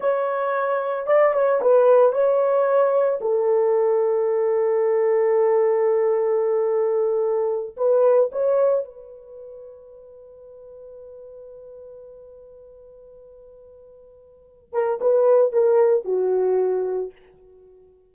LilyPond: \new Staff \with { instrumentName = "horn" } { \time 4/4 \tempo 4 = 112 cis''2 d''8 cis''8 b'4 | cis''2 a'2~ | a'1~ | a'2~ a'8 b'4 cis''8~ |
cis''8 b'2.~ b'8~ | b'1~ | b'2.~ b'8 ais'8 | b'4 ais'4 fis'2 | }